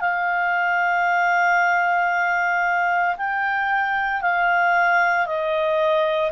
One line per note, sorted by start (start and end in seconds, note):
0.00 3.16 F5
3.17 4.21 G5
4.21 5.26 F5
5.26 6.31 D#5